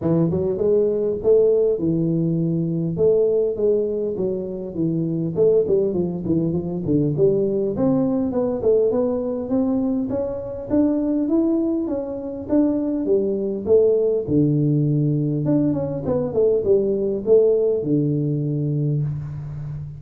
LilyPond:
\new Staff \with { instrumentName = "tuba" } { \time 4/4 \tempo 4 = 101 e8 fis8 gis4 a4 e4~ | e4 a4 gis4 fis4 | e4 a8 g8 f8 e8 f8 d8 | g4 c'4 b8 a8 b4 |
c'4 cis'4 d'4 e'4 | cis'4 d'4 g4 a4 | d2 d'8 cis'8 b8 a8 | g4 a4 d2 | }